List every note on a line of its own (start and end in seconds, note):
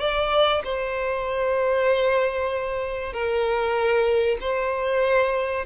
0.00 0.62 D5
0.64 3.13 C5
3.13 4.38 A#4
4.41 5.66 C5